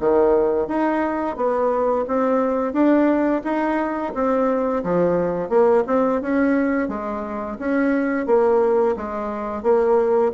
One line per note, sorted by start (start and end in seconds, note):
0.00 0.67 D#3
0.67 1.36 D#4
1.36 2.05 B3
2.08 2.73 C4
2.73 3.42 D4
3.44 4.13 D#4
4.14 4.83 C4
4.83 5.49 F3
5.49 5.83 A#3
5.87 6.21 C4
6.21 6.88 C#4
6.88 7.57 G#3
7.58 8.26 C#4
8.26 8.95 A#3
8.96 9.63 G#3
9.63 10.32 A#3